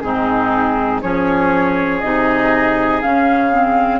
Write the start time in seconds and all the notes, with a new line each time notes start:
0.00 G#2 C4 D#4 G#4
1.02 F3 C#4 G#4 C#5
2.01 C3 D#4 D#5
3.01 C#3 C#4 F5
3.52 C4